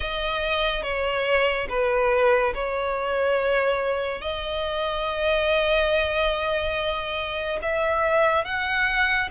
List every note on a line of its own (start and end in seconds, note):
0.00 0.82 D#5
0.82 1.67 C#5
1.69 2.54 B4
2.54 4.21 C#5
4.21 7.59 D#5
7.62 8.44 E5
8.44 9.29 F#5